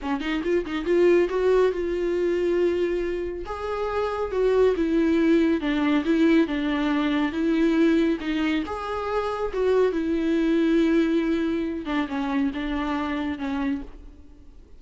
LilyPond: \new Staff \with { instrumentName = "viola" } { \time 4/4 \tempo 4 = 139 cis'8 dis'8 f'8 dis'8 f'4 fis'4 | f'1 | gis'2 fis'4 e'4~ | e'4 d'4 e'4 d'4~ |
d'4 e'2 dis'4 | gis'2 fis'4 e'4~ | e'2.~ e'8 d'8 | cis'4 d'2 cis'4 | }